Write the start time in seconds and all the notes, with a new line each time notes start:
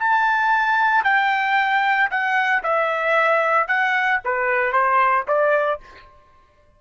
0.00 A5
1.05 G5
2.11 F#5
2.63 E5
3.68 F#5
4.25 B4
4.73 C5
5.28 D5